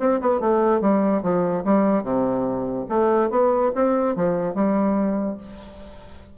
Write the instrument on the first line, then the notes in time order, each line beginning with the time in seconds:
bassoon
0.00 C4
0.21 B3
0.40 A3
0.81 G3
1.23 F3
1.65 G3
2.04 C3
2.89 A3
3.30 B3
3.75 C4
4.16 F3
4.55 G3